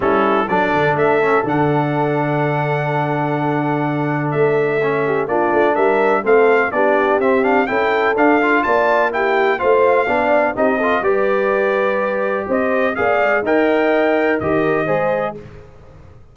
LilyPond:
<<
  \new Staff \with { instrumentName = "trumpet" } { \time 4/4 \tempo 4 = 125 a'4 d''4 e''4 fis''4~ | fis''1~ | fis''4 e''2 d''4 | e''4 f''4 d''4 e''8 f''8 |
g''4 f''4 a''4 g''4 | f''2 dis''4 d''4~ | d''2 dis''4 f''4 | g''2 dis''2 | }
  \new Staff \with { instrumentName = "horn" } { \time 4/4 e'4 a'2.~ | a'1~ | a'2~ a'8 g'8 f'4 | ais'4 a'4 g'2 |
a'2 d''4 g'4 | c''4 d''4 g'8 a'8 b'4~ | b'2 c''4 d''4 | dis''2 ais'4 c''4 | }
  \new Staff \with { instrumentName = "trombone" } { \time 4/4 cis'4 d'4. cis'8 d'4~ | d'1~ | d'2 cis'4 d'4~ | d'4 c'4 d'4 c'8 d'8 |
e'4 d'8 f'4. e'4 | f'4 d'4 dis'8 f'8 g'4~ | g'2. gis'4 | ais'2 g'4 gis'4 | }
  \new Staff \with { instrumentName = "tuba" } { \time 4/4 g4 fis8 d8 a4 d4~ | d1~ | d4 a2 ais8 a8 | g4 a4 b4 c'4 |
cis'4 d'4 ais2 | a4 b4 c'4 g4~ | g2 c'4 ais8 gis8 | dis'2 dis4 gis4 | }
>>